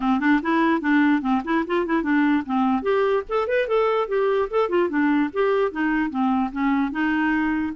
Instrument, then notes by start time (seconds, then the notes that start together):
clarinet
0.00 C4
0.19 D4
0.42 E4
0.81 D4
1.21 C4
1.44 E4
1.66 F4
1.86 E4
2.02 D4
2.45 C4
2.82 G4
3.29 A4
3.47 B4
3.67 A4
4.08 G4
4.50 A4
4.69 F4
4.89 D4
5.33 G4
5.71 D#4
6.09 C4
6.52 C#4
6.91 D#4